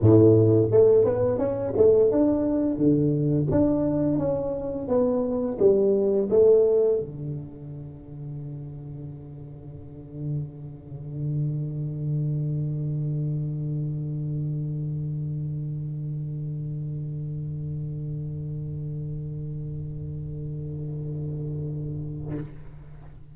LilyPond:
\new Staff \with { instrumentName = "tuba" } { \time 4/4 \tempo 4 = 86 a,4 a8 b8 cis'8 a8 d'4 | d4 d'4 cis'4 b4 | g4 a4 d2~ | d1~ |
d1~ | d1~ | d1~ | d1 | }